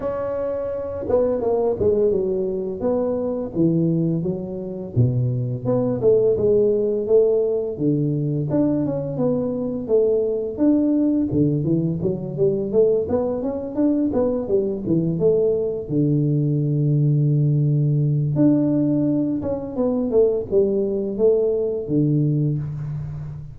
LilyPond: \new Staff \with { instrumentName = "tuba" } { \time 4/4 \tempo 4 = 85 cis'4. b8 ais8 gis8 fis4 | b4 e4 fis4 b,4 | b8 a8 gis4 a4 d4 | d'8 cis'8 b4 a4 d'4 |
d8 e8 fis8 g8 a8 b8 cis'8 d'8 | b8 g8 e8 a4 d4.~ | d2 d'4. cis'8 | b8 a8 g4 a4 d4 | }